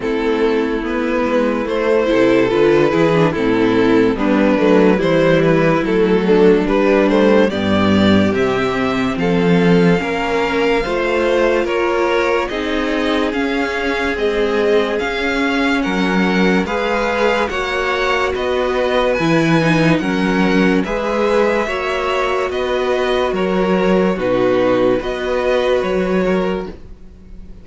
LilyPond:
<<
  \new Staff \with { instrumentName = "violin" } { \time 4/4 \tempo 4 = 72 a'4 b'4 c''4 b'4 | a'4 b'4 c''8 b'8 a'4 | b'8 c''8 d''4 e''4 f''4~ | f''2 cis''4 dis''4 |
f''4 dis''4 f''4 fis''4 | f''4 fis''4 dis''4 gis''4 | fis''4 e''2 dis''4 | cis''4 b'4 dis''4 cis''4 | }
  \new Staff \with { instrumentName = "violin" } { \time 4/4 e'2~ e'8 a'4 gis'8 | e'4 d'4 e'4. d'8~ | d'4 g'2 a'4 | ais'4 c''4 ais'4 gis'4~ |
gis'2. ais'4 | b'4 cis''4 b'2 | ais'4 b'4 cis''4 b'4 | ais'4 fis'4 b'4. ais'8 | }
  \new Staff \with { instrumentName = "viola" } { \time 4/4 c'4 b4 a8 e'8 f'8 e'16 d'16 | c'4 b8 a8 g4 a4 | g8 a8 b4 c'2 | cis'4 f'2 dis'4 |
cis'4 gis4 cis'2 | gis'4 fis'2 e'8 dis'8 | cis'4 gis'4 fis'2~ | fis'4 dis'4 fis'2 | }
  \new Staff \with { instrumentName = "cello" } { \time 4/4 a4. gis8 a8 c8 d8 e8 | a,4 g8 fis8 e4 fis4 | g4 g,4 c4 f4 | ais4 a4 ais4 c'4 |
cis'4 c'4 cis'4 fis4 | gis4 ais4 b4 e4 | fis4 gis4 ais4 b4 | fis4 b,4 b4 fis4 | }
>>